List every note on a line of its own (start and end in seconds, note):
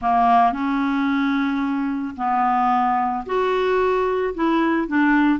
0.01 0.52 A#3
0.52 2.14 C#4
2.16 3.24 B3
3.26 4.34 F#4
4.34 4.87 E4
4.87 5.39 D4